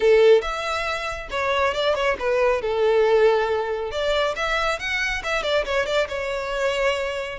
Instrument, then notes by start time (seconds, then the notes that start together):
violin
0.00 A4
0.41 E5
1.30 C#5
1.74 D5
1.95 C#5
2.19 B4
2.61 A4
3.91 D5
4.36 E5
4.79 F#5
5.23 E5
5.42 D5
5.65 C#5
5.86 D5
6.08 C#5